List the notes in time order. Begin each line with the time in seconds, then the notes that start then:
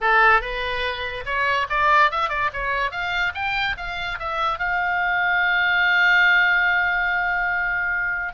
0.00 A4
0.41 B4
1.25 C#5
1.69 D5
2.11 E5
2.29 D5
2.53 C#5
2.91 F5
3.34 G5
3.77 F5
4.19 E5
4.58 F5